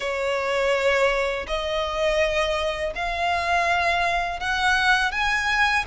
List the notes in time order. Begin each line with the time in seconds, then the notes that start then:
0.00 C#5
1.47 D#5
2.95 F5
4.40 F#5
5.11 G#5